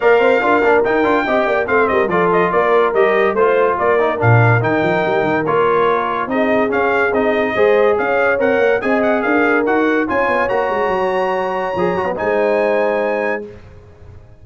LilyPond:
<<
  \new Staff \with { instrumentName = "trumpet" } { \time 4/4 \tempo 4 = 143 f''2 g''2 | f''8 dis''8 d''8 dis''8 d''4 dis''4 | c''4 d''4 f''4 g''4~ | g''4 cis''2 dis''4 |
f''4 dis''2 f''4 | fis''4 gis''8 fis''8 f''4 fis''4 | gis''4 ais''2.~ | ais''4 gis''2. | }
  \new Staff \with { instrumentName = "horn" } { \time 4/4 d''8 c''8 ais'2 dis''8 d''8 | c''8 ais'8 a'4 ais'2 | c''4 ais'2.~ | ais'2. gis'4~ |
gis'2 c''4 cis''4~ | cis''4 dis''4 ais'2 | cis''1~ | cis''4 c''2. | }
  \new Staff \with { instrumentName = "trombone" } { \time 4/4 ais'4 f'8 d'8 dis'8 f'8 g'4 | c'4 f'2 g'4 | f'4. dis'8 d'4 dis'4~ | dis'4 f'2 dis'4 |
cis'4 dis'4 gis'2 | ais'4 gis'2 fis'4 | f'4 fis'2. | gis'8 fis'16 b16 dis'2. | }
  \new Staff \with { instrumentName = "tuba" } { \time 4/4 ais8 c'8 d'8 ais8 dis'8 d'8 c'8 ais8 | a8 g8 f4 ais4 g4 | a4 ais4 ais,4 dis8 f8 | g8 dis8 ais2 c'4 |
cis'4 c'4 gis4 cis'4 | c'8 ais8 c'4 d'4 dis'4 | cis'8 b8 ais8 gis8 fis2 | f8 fis8 gis2. | }
>>